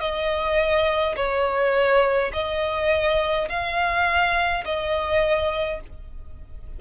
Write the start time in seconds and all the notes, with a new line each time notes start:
0.00 D#5
1.16 C#5
2.33 D#5
3.49 F5
4.65 D#5